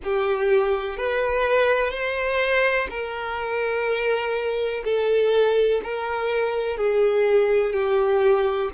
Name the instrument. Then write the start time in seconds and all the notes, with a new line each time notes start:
violin
0.03 G4
0.97 B4
1.90 C5
2.89 A#4
4.84 A4
5.83 A#4
6.77 G#4
7.73 G4